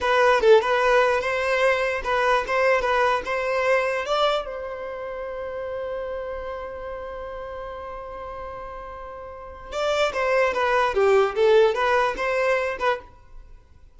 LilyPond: \new Staff \with { instrumentName = "violin" } { \time 4/4 \tempo 4 = 148 b'4 a'8 b'4. c''4~ | c''4 b'4 c''4 b'4 | c''2 d''4 c''4~ | c''1~ |
c''1~ | c''1 | d''4 c''4 b'4 g'4 | a'4 b'4 c''4. b'8 | }